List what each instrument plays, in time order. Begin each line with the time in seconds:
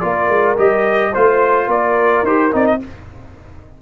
0.00 tuba A#3, trombone F4, horn A#4, trumpet D5
0.29 tuba G#3
0.58 tuba G3, trombone G4, trumpet D#5
1.12 tuba A3, trombone F4, horn C5, trumpet C5
1.67 tuba A#3, horn A#4, trumpet D5
2.23 tuba D#4, trombone G4, trumpet C5
2.52 tuba C4, trombone D#4, trumpet D5
2.66 trumpet D#5